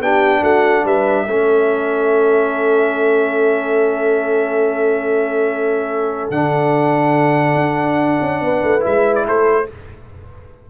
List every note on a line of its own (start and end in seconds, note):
0.00 0.42 B3
0.00 1.28 D4
0.00 0.42 G4
0.00 0.44 G5
0.42 0.85 A3
0.42 0.84 F#4
0.42 0.86 F#5
0.85 1.26 G3
0.85 1.26 B4
0.85 6.31 E5
1.27 6.30 A3
1.27 6.33 C#4
1.27 8.42 A4
6.30 7.55 D3
6.30 8.80 D4
6.30 8.83 F#5
7.55 8.18 D4
8.21 8.41 C#4
8.41 8.62 B3
8.41 9.26 B4
8.63 8.84 A3
8.80 9.27 G#3
8.80 9.64 E4
8.80 9.15 E5
9.15 9.26 D5
9.26 9.69 A3
9.26 9.68 A4
9.26 9.70 C5